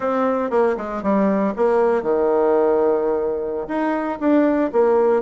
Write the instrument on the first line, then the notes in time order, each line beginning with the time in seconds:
bassoon
0.00 C4
0.50 A#3
0.77 G#3
1.02 G3
1.56 A#3
2.02 D#3
3.67 D#4
4.19 D4
4.72 A#3